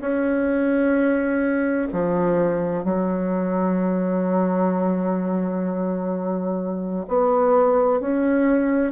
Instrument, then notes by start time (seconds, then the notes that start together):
bassoon
0.00 C#4
1.92 F3
2.84 F#3
7.07 B3
8.00 C#4